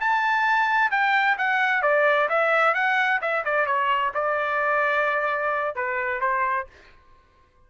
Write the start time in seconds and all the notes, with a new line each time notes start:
0.00 A5
0.91 G5
1.37 F#5
1.82 D5
2.29 E5
2.74 F#5
3.21 E5
3.44 D5
3.66 C#5
4.14 D5
5.75 B4
6.21 C5